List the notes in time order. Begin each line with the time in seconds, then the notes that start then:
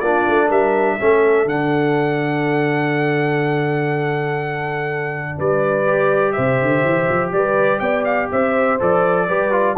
0.00 A#3 D4 F4 D5
0.28 A3
0.47 G3 A#4 E5
0.99 A3 C#4 A4
1.45 D3 D4 F#5
5.38 G3 B4 D5
5.86 G4
6.32 C3 C5 E5
6.62 D3
6.84 E3
7.09 F3
7.33 G3 B4 D5
7.80 B3 D5 G5
8.05 F5
8.32 C4 C5 E5
8.80 F3 A4 D5
9.28 G3 G4 B4
9.52 F4